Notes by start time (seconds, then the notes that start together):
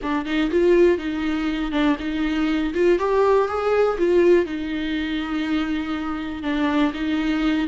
0.02 D4
0.25 D#4
0.50 F4
0.98 D#4
1.71 D4
1.99 D#4
2.74 F4
2.98 G4
3.48 G#4
3.98 F4
4.45 D#4
6.43 D4
6.93 D#4